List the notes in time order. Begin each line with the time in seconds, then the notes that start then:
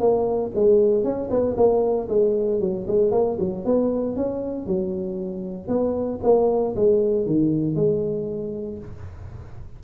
0.00 A#3
0.55 G#3
1.04 C#4
1.30 B3
1.57 A#3
2.09 G#3
2.60 F#3
2.88 G#3
3.12 A#3
3.40 F#3
3.65 B3
4.16 C#4
4.67 F#3
5.68 B3
6.23 A#3
6.76 G#3
7.26 D#3
7.75 G#3